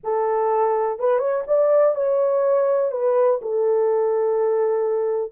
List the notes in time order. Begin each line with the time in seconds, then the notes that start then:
0.03 A4
0.99 B4
1.18 C#5
1.47 D5
1.95 C#5
2.91 B4
3.41 A4